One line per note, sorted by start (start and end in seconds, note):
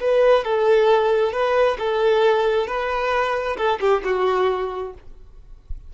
0.00 0.44 B4
0.44 1.32 A4
1.32 1.77 B4
1.78 2.67 A4
2.67 3.56 B4
3.57 3.79 A4
3.80 4.02 G4
4.04 4.93 F#4